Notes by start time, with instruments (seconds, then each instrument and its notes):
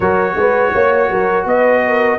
0.00 tuba F#3, trombone F#4, horn A#4, trumpet C#5
0.35 tuba G#3, horn B4
0.72 tuba A#3, horn C#5
1.09 tuba F#3, horn A#4
1.45 tuba B3, horn B4, trumpet D#5
1.87 horn A#4